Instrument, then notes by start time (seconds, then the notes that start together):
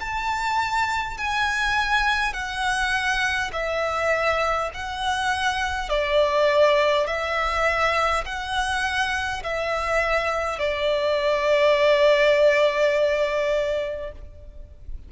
violin
0.00 A5
1.18 G#5
2.33 F#5
3.53 E5
4.74 F#5
5.89 D5
7.07 E5
8.25 F#5
9.43 E5
10.59 D5